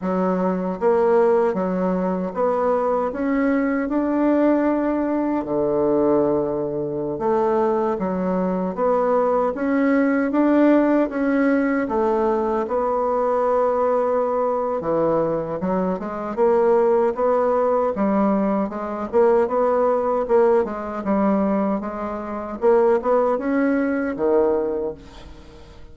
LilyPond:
\new Staff \with { instrumentName = "bassoon" } { \time 4/4 \tempo 4 = 77 fis4 ais4 fis4 b4 | cis'4 d'2 d4~ | d4~ d16 a4 fis4 b8.~ | b16 cis'4 d'4 cis'4 a8.~ |
a16 b2~ b8. e4 | fis8 gis8 ais4 b4 g4 | gis8 ais8 b4 ais8 gis8 g4 | gis4 ais8 b8 cis'4 dis4 | }